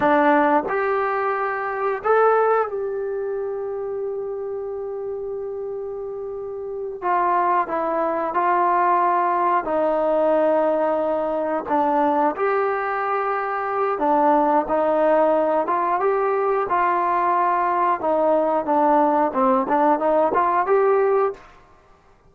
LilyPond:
\new Staff \with { instrumentName = "trombone" } { \time 4/4 \tempo 4 = 90 d'4 g'2 a'4 | g'1~ | g'2~ g'8 f'4 e'8~ | e'8 f'2 dis'4.~ |
dis'4. d'4 g'4.~ | g'4 d'4 dis'4. f'8 | g'4 f'2 dis'4 | d'4 c'8 d'8 dis'8 f'8 g'4 | }